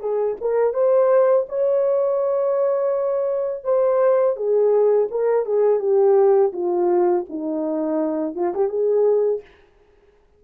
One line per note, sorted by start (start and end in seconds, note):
0.00 0.36 G#4
0.41 0.74 A#4
0.74 1.46 C5
1.49 3.64 C#5
3.64 4.36 C5
4.36 5.09 G#4
5.11 5.45 A#4
5.45 5.80 G#4
5.80 6.52 G4
6.53 7.25 F4
7.29 8.35 D#4
8.35 8.53 F4
8.55 8.69 G4
8.69 9.41 G#4